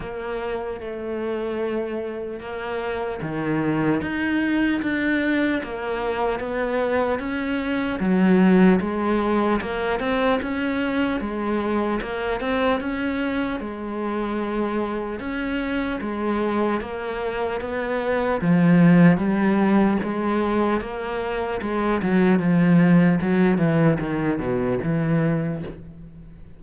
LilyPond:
\new Staff \with { instrumentName = "cello" } { \time 4/4 \tempo 4 = 75 ais4 a2 ais4 | dis4 dis'4 d'4 ais4 | b4 cis'4 fis4 gis4 | ais8 c'8 cis'4 gis4 ais8 c'8 |
cis'4 gis2 cis'4 | gis4 ais4 b4 f4 | g4 gis4 ais4 gis8 fis8 | f4 fis8 e8 dis8 b,8 e4 | }